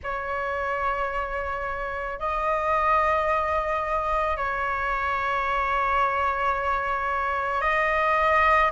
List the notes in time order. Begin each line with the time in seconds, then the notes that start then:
0.03 C#5
2.19 D#5
4.36 C#5
7.61 D#5